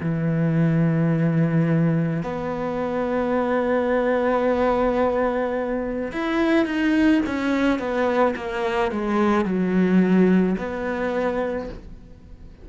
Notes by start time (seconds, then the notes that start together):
0.00 E3
2.22 B3
6.12 E4
6.65 D#4
7.26 C#4
7.79 B3
8.36 A#3
8.91 G#3
9.44 F#3
10.58 B3